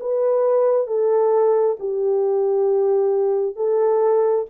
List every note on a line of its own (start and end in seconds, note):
0.00 0.87 B4
0.87 1.76 A4
1.79 3.55 G4
3.55 4.45 A4